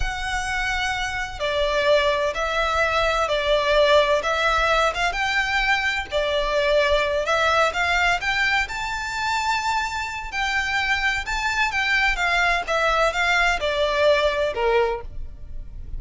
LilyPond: \new Staff \with { instrumentName = "violin" } { \time 4/4 \tempo 4 = 128 fis''2. d''4~ | d''4 e''2 d''4~ | d''4 e''4. f''8 g''4~ | g''4 d''2~ d''8 e''8~ |
e''8 f''4 g''4 a''4.~ | a''2 g''2 | a''4 g''4 f''4 e''4 | f''4 d''2 ais'4 | }